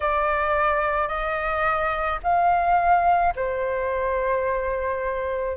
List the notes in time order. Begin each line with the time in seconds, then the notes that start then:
0.00 D5
1.08 D#5
2.23 F5
3.35 C5